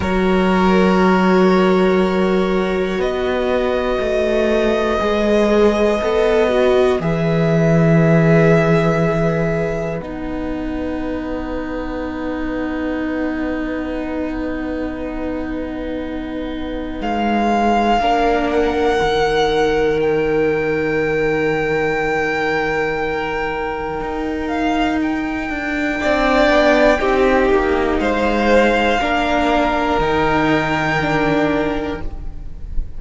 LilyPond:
<<
  \new Staff \with { instrumentName = "violin" } { \time 4/4 \tempo 4 = 60 cis''2. dis''4~ | dis''2. e''4~ | e''2 fis''2~ | fis''1~ |
fis''4 f''4. fis''4. | g''1~ | g''8 f''8 g''2. | f''2 g''2 | }
  \new Staff \with { instrumentName = "violin" } { \time 4/4 ais'2. b'4~ | b'1~ | b'1~ | b'1~ |
b'2 ais'2~ | ais'1~ | ais'2 d''4 g'4 | c''4 ais'2. | }
  \new Staff \with { instrumentName = "viola" } { \time 4/4 fis'1~ | fis'4 gis'4 a'8 fis'8 gis'4~ | gis'2 dis'2~ | dis'1~ |
dis'2 d'4 dis'4~ | dis'1~ | dis'2 d'4 dis'4~ | dis'4 d'4 dis'4 d'4 | }
  \new Staff \with { instrumentName = "cello" } { \time 4/4 fis2. b4 | a4 gis4 b4 e4~ | e2 b2~ | b1~ |
b4 gis4 ais4 dis4~ | dis1 | dis'4. d'8 c'8 b8 c'8 ais8 | gis4 ais4 dis2 | }
>>